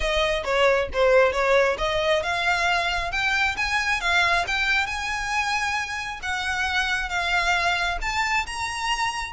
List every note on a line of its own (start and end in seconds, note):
0.00 0.43 D#5
0.44 0.88 C#5
0.93 1.32 C5
1.32 1.76 C#5
1.78 2.22 D#5
2.22 3.11 F5
3.11 3.56 G5
3.56 4.01 G#5
4.01 4.45 F5
4.47 4.86 G5
4.86 6.19 G#5
6.22 7.09 F#5
7.09 7.98 F5
8.01 8.45 A5
8.46 9.32 A#5